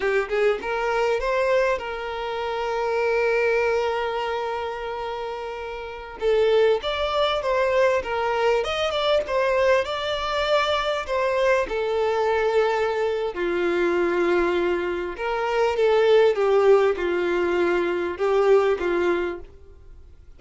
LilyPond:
\new Staff \with { instrumentName = "violin" } { \time 4/4 \tempo 4 = 99 g'8 gis'8 ais'4 c''4 ais'4~ | ais'1~ | ais'2~ ais'16 a'4 d''8.~ | d''16 c''4 ais'4 dis''8 d''8 c''8.~ |
c''16 d''2 c''4 a'8.~ | a'2 f'2~ | f'4 ais'4 a'4 g'4 | f'2 g'4 f'4 | }